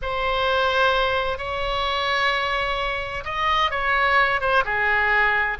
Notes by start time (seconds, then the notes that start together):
0.02 C5
1.38 C#5
3.24 D#5
3.70 C#5
4.40 C5
4.64 G#4